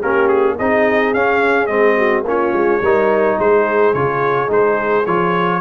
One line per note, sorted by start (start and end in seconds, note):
0.00 0.59 A#3
0.00 0.59 C#4
0.00 0.56 G4
0.00 0.28 A#4
0.28 0.56 G#4
0.57 1.14 C4
0.57 1.16 D#4
0.57 1.97 G#4
0.57 1.14 D#5
1.14 1.68 C#4
1.14 1.69 C#4
1.14 1.67 F5
1.67 2.24 G#3
1.67 2.25 C4
1.67 2.23 D#5
1.97 2.25 F#4
2.25 2.53 A#3
2.25 2.83 C#4
2.25 2.81 F4
2.25 3.40 C#5
2.53 2.81 G#3
2.81 3.38 G3
2.81 3.95 D#4
2.81 3.37 A#4
3.38 3.94 G#3
3.38 5.62 G#4
3.38 3.94 C5
3.94 4.50 C#3
3.94 4.48 F4
3.94 4.50 C#5
4.48 5.06 G#3
4.48 5.04 D#4
4.48 5.06 C5
5.06 5.62 F3
5.06 5.62 F4
5.06 5.62 C#5